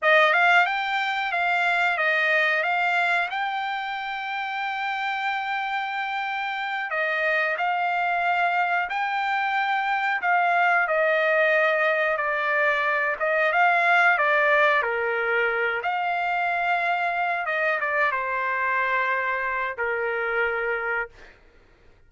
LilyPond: \new Staff \with { instrumentName = "trumpet" } { \time 4/4 \tempo 4 = 91 dis''8 f''8 g''4 f''4 dis''4 | f''4 g''2.~ | g''2~ g''8 dis''4 f''8~ | f''4. g''2 f''8~ |
f''8 dis''2 d''4. | dis''8 f''4 d''4 ais'4. | f''2~ f''8 dis''8 d''8 c''8~ | c''2 ais'2 | }